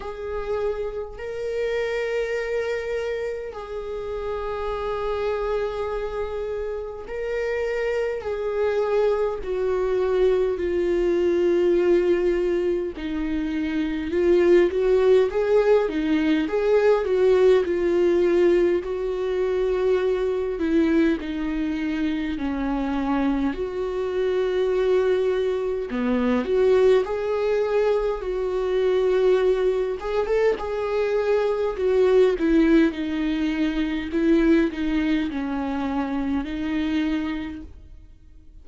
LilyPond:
\new Staff \with { instrumentName = "viola" } { \time 4/4 \tempo 4 = 51 gis'4 ais'2 gis'4~ | gis'2 ais'4 gis'4 | fis'4 f'2 dis'4 | f'8 fis'8 gis'8 dis'8 gis'8 fis'8 f'4 |
fis'4. e'8 dis'4 cis'4 | fis'2 b8 fis'8 gis'4 | fis'4. gis'16 a'16 gis'4 fis'8 e'8 | dis'4 e'8 dis'8 cis'4 dis'4 | }